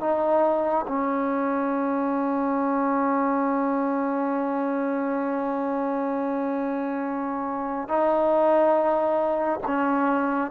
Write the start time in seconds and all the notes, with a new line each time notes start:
0.00 D#4
0.88 C#4
7.89 D#4
9.67 C#4